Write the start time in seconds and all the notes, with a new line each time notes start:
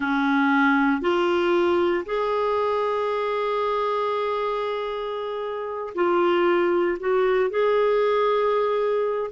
0.00 C#4
1.01 F4
2.05 G#4
5.94 F4
6.99 F#4
7.50 G#4